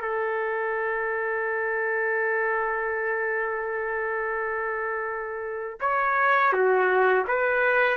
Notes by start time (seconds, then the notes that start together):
0.00 A4
5.80 C#5
6.53 F#4
7.27 B4